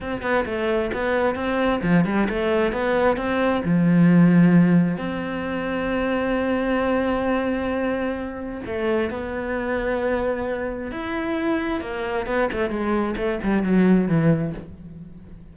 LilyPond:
\new Staff \with { instrumentName = "cello" } { \time 4/4 \tempo 4 = 132 c'8 b8 a4 b4 c'4 | f8 g8 a4 b4 c'4 | f2. c'4~ | c'1~ |
c'2. a4 | b1 | e'2 ais4 b8 a8 | gis4 a8 g8 fis4 e4 | }